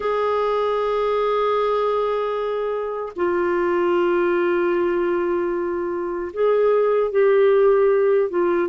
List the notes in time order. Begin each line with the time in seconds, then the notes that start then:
0.00 G#4
3.16 F4
6.33 G#4
7.11 G4
8.30 F4